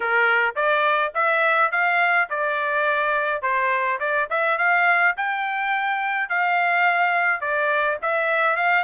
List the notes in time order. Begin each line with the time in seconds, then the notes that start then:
0.00 A#4
0.55 D5
1.14 E5
1.71 F5
2.29 D5
3.41 C5
3.99 D5
4.30 E5
4.58 F5
5.16 G5
6.29 F5
7.40 D5
8.02 E5
8.56 F5